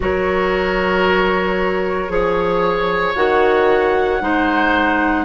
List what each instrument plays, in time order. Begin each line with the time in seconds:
0.00 bassoon F#3, clarinet F#4, oboe A#4, flute C#5
2.09 bassoon F3, clarinet G#4, oboe C#5
3.15 bassoon D#3, clarinet F#4, flute F#5
4.20 bassoon G#3, clarinet D#4, oboe C5